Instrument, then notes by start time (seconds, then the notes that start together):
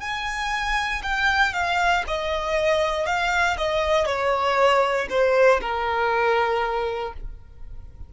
violin
0.00 G#5
1.03 G5
1.53 F5
2.07 D#5
3.06 F5
3.57 D#5
4.05 C#5
5.09 C5
5.60 A#4